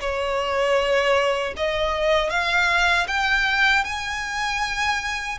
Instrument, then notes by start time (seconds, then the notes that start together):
violin
0.00 C#5
1.57 D#5
2.30 F5
3.07 G5
3.84 G#5